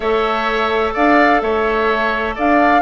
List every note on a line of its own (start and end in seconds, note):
0.00 0.94 A3
0.00 2.82 A4
0.00 0.93 C#5
0.00 0.94 E5
0.93 1.42 D4
0.93 1.40 D5
0.93 1.41 F5
1.41 2.36 A3
1.41 2.35 C#5
1.41 2.35 E5
2.35 2.82 D4
2.35 2.82 D5
2.35 2.82 F5